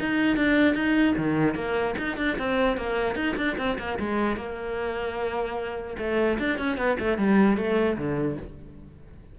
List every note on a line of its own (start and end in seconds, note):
0.00 0.37 D#4
0.37 0.75 D4
0.75 1.15 D#4
1.18 1.55 D#3
1.55 1.95 A#3
1.99 2.17 D#4
2.17 2.37 D4
2.39 2.78 C4
2.78 3.16 A#3
3.16 3.36 D#4
3.37 3.57 D4
3.58 3.78 C4
3.79 3.99 A#3
4.00 4.37 G#3
4.37 5.97 A#3
5.99 6.39 A3
6.40 6.59 D4
6.59 6.78 C#4
6.78 6.98 B3
7.00 7.18 A3
7.18 7.58 G3
7.58 7.98 A3
7.98 8.38 D3